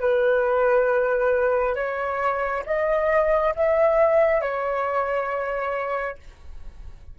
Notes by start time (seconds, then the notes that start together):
0.00 B4
1.75 C#5
2.66 D#5
3.55 E5
4.41 C#5